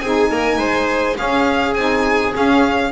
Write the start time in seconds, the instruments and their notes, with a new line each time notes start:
0.00 double bass C4, saxophone D#4, viola G#4, violin G#5
0.31 double bass A#3, viola A#4
0.58 double bass G#3, viola C5
1.16 saxophone C#4, double bass C#4, viola G#4, violin F5
1.74 double bass C4, saxophone D#4, violin G#5
2.33 saxophone C#4, double bass C#4, violin F5